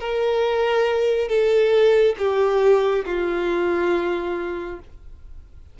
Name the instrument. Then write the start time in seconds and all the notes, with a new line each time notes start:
violin
0.00 A#4
1.29 A4
2.19 G4
3.06 F4